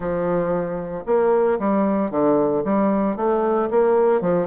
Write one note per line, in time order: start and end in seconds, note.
0.00 1.04 F3
1.06 1.58 A#3
1.59 2.11 G3
2.11 2.63 D3
2.64 3.16 G3
3.16 3.69 A3
3.70 4.21 A#3
4.21 4.47 F3